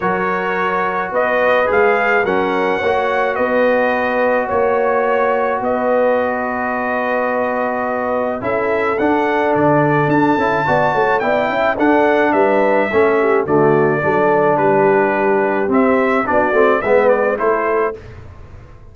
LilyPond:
<<
  \new Staff \with { instrumentName = "trumpet" } { \time 4/4 \tempo 4 = 107 cis''2 dis''4 f''4 | fis''2 dis''2 | cis''2 dis''2~ | dis''2. e''4 |
fis''4 d''4 a''2 | g''4 fis''4 e''2 | d''2 b'2 | e''4 d''4 e''8 d''8 c''4 | }
  \new Staff \with { instrumentName = "horn" } { \time 4/4 ais'2 b'2 | ais'4 cis''4 b'2 | cis''2 b'2~ | b'2. a'4~ |
a'2. d''8 cis''8 | d''8 e''8 a'4 b'4 a'8 g'8 | fis'4 a'4 g'2~ | g'4 fis'4 b'4 a'4 | }
  \new Staff \with { instrumentName = "trombone" } { \time 4/4 fis'2. gis'4 | cis'4 fis'2.~ | fis'1~ | fis'2. e'4 |
d'2~ d'8 e'8 fis'4 | e'4 d'2 cis'4 | a4 d'2. | c'4 d'8 c'8 b4 e'4 | }
  \new Staff \with { instrumentName = "tuba" } { \time 4/4 fis2 b4 gis4 | fis4 ais4 b2 | ais2 b2~ | b2. cis'4 |
d'4 d4 d'8 cis'8 b8 a8 | b8 cis'8 d'4 g4 a4 | d4 fis4 g2 | c'4 b8 a8 gis4 a4 | }
>>